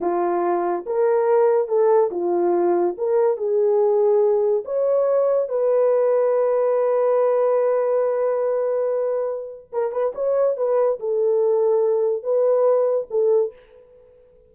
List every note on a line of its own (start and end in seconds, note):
0.00 0.85 F4
0.86 1.67 A#4
1.67 2.10 A4
2.10 2.95 F4
2.97 3.37 A#4
3.37 4.63 G#4
4.64 5.48 C#5
5.48 9.71 B4
9.72 9.91 A#4
9.91 10.13 B4
10.14 10.56 C#5
10.56 10.99 B4
10.99 12.23 A4
12.23 13.07 B4
13.10 13.52 A4